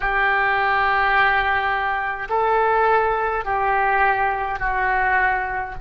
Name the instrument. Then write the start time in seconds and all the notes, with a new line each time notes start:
oboe
0.00 G4
2.29 A4
3.44 G4
4.59 F#4